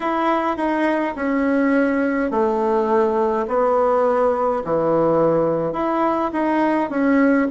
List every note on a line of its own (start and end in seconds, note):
0.00 0.57 E4
0.57 1.14 D#4
1.15 2.31 C#4
2.31 3.46 A3
3.47 4.63 B3
4.64 5.73 E3
5.73 6.30 E4
6.33 6.90 D#4
6.90 7.47 C#4